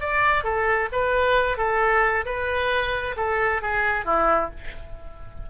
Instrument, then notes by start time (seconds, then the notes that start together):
oboe
0.00 D5
0.43 A4
0.92 B4
1.57 A4
2.25 B4
3.16 A4
3.62 G#4
4.05 E4